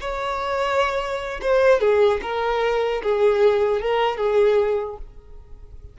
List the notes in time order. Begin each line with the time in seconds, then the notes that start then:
0.00 C#5
1.41 C5
1.80 G#4
2.22 A#4
3.03 G#4
3.81 A#4
4.17 G#4